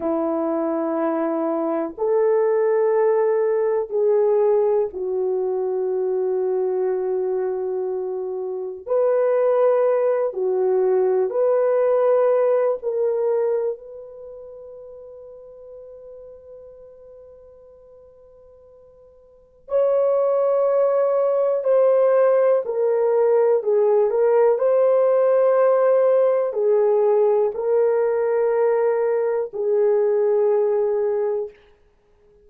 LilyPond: \new Staff \with { instrumentName = "horn" } { \time 4/4 \tempo 4 = 61 e'2 a'2 | gis'4 fis'2.~ | fis'4 b'4. fis'4 b'8~ | b'4 ais'4 b'2~ |
b'1 | cis''2 c''4 ais'4 | gis'8 ais'8 c''2 gis'4 | ais'2 gis'2 | }